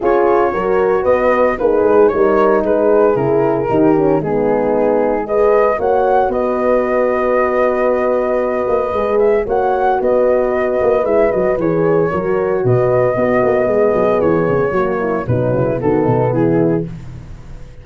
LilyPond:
<<
  \new Staff \with { instrumentName = "flute" } { \time 4/4 \tempo 4 = 114 cis''2 dis''4 b'4 | cis''4 b'4 ais'2 | gis'2 dis''4 fis''4 | dis''1~ |
dis''4. e''8 fis''4 dis''4~ | dis''4 e''8 dis''8 cis''2 | dis''2. cis''4~ | cis''4 b'4 a'4 gis'4 | }
  \new Staff \with { instrumentName = "horn" } { \time 4/4 gis'4 ais'4 b'4 dis'4 | ais'4 gis'2 g'4 | dis'2 b'4 cis''4 | b'1~ |
b'2 cis''4 b'4~ | b'2. ais'4 | b'4 fis'4 gis'2 | fis'8 e'8 dis'8 e'8 fis'8 dis'8 e'4 | }
  \new Staff \with { instrumentName = "horn" } { \time 4/4 f'4 fis'2 gis'4 | dis'2 e'4 dis'8 cis'8 | b2 gis'4 fis'4~ | fis'1~ |
fis'4 gis'4 fis'2~ | fis'4 e'8 fis'8 gis'4 fis'4~ | fis'4 b2. | ais4 fis4 b2 | }
  \new Staff \with { instrumentName = "tuba" } { \time 4/4 cis'4 fis4 b4 ais8 gis8 | g4 gis4 cis4 dis4 | gis2. ais4 | b1~ |
b8 ais8 gis4 ais4 b4~ | b8 ais8 gis8 fis8 e4 fis4 | b,4 b8 ais8 gis8 fis8 e8 cis8 | fis4 b,8 cis8 dis8 b,8 e4 | }
>>